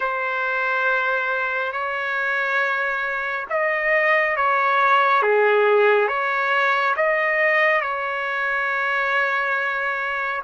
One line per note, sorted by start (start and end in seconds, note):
0.00 1.72 C5
1.72 3.46 C#5
3.49 4.36 D#5
4.36 5.22 C#5
5.22 6.08 G#4
6.08 6.94 C#5
6.96 7.81 D#5
7.81 10.42 C#5